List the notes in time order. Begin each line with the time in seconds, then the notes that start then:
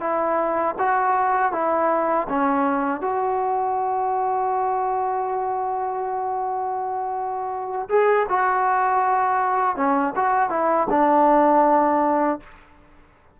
0.00 E4
0.79 F#4
1.52 E4
2.29 C#4
3.01 F#4
7.89 G#4
8.29 F#4
9.76 C#4
10.16 F#4
10.50 E4
10.90 D4